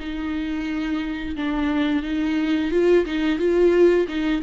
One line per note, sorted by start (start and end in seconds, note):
0.00 1.36 D#4
1.36 2.04 D4
2.04 2.72 D#4
2.72 3.06 F4
3.06 3.39 D#4
3.39 4.07 F4
4.08 4.43 D#4